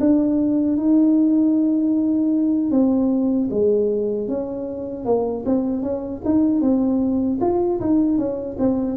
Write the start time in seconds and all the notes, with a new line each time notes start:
0.00 D4
0.78 D#4
2.71 C4
3.51 G#3
4.28 C#4
5.05 A#3
5.46 C4
5.83 C#4
6.25 D#4
6.62 C4
7.41 F4
7.81 D#4
8.18 C#4
8.59 C4